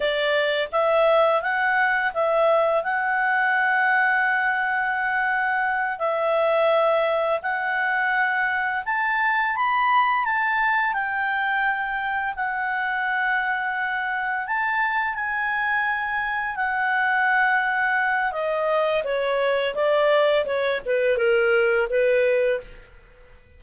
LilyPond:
\new Staff \with { instrumentName = "clarinet" } { \time 4/4 \tempo 4 = 85 d''4 e''4 fis''4 e''4 | fis''1~ | fis''8 e''2 fis''4.~ | fis''8 a''4 b''4 a''4 g''8~ |
g''4. fis''2~ fis''8~ | fis''8 a''4 gis''2 fis''8~ | fis''2 dis''4 cis''4 | d''4 cis''8 b'8 ais'4 b'4 | }